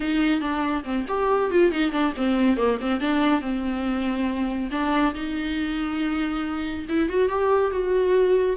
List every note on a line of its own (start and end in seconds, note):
0.00 0.41 D#4
0.41 0.83 D4
0.84 1.05 C4
1.08 1.50 G4
1.50 1.71 F4
1.71 1.91 D#4
1.91 2.13 D4
2.16 2.56 C4
2.56 2.78 A#3
2.80 3.00 C4
3.00 3.41 D4
3.41 4.69 C4
4.71 5.14 D4
5.14 6.85 D#4
6.88 7.09 E4
7.09 7.28 F#4
7.28 7.71 G4
7.71 8.56 F#4